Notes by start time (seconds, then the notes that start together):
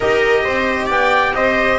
0.00 D#4 G4 A#4 D#5
0.43 C4 C5
0.86 B3 D5 G5
1.33 C4 C5 D#5